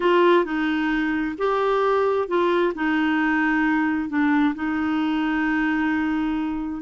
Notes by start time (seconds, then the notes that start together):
0.00 F4
0.44 D#4
1.38 G4
2.27 F4
2.74 D#4
4.09 D4
4.54 D#4